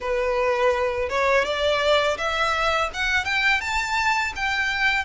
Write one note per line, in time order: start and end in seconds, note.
0.00 1.09 B4
1.09 1.45 C#5
1.45 2.17 D5
2.17 2.89 E5
2.93 3.24 F#5
3.24 3.60 G5
3.60 4.33 A5
4.35 5.04 G5